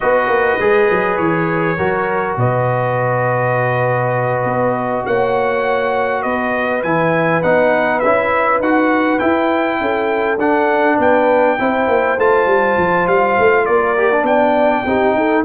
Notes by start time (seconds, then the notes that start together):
0.00 B3 F#4 B4 D#5
0.27 A#3
0.59 G#3 G#4
0.90 F#3
1.17 E3 C#5
1.77 F#3 F#4 A#4
2.36 B2 B4 D#5
4.44 B3
5.06 A#3 C#5 F#5
6.22 B3 B4 D#5
6.82 E3 E4 G#5
7.42 B3 D#4 F#5
7.99 C#4 E4 E5
8.59 D#4 F#4 F#5
9.18 E4 G5
9.80 C#4 A4
10.37 D4 F#5
10.96 B3 B4 G5
11.59 C4 E4 C5
11.87 A#3
12.18 A3 F4 A5
12.46 G3
12.77 F3
13.07 G3 F5
13.38 A3
13.65 A#3 A#4 D5
13.97 G4
14.11 D4
14.22 B3 D5 G5
14.85 C4 D#4 G4
15.14 D#4 A4